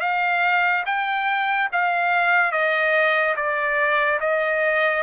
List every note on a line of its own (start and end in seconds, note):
0.00 0.83 F5
0.85 1.69 G5
1.72 2.51 F5
2.51 3.34 D#5
3.36 4.19 D5
4.20 5.03 D#5